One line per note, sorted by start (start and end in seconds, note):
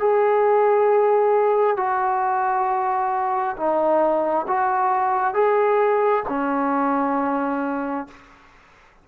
0.00 1.77 G#4
1.77 3.56 F#4
3.57 4.47 D#4
4.48 5.34 F#4
5.34 6.24 G#4
6.29 8.08 C#4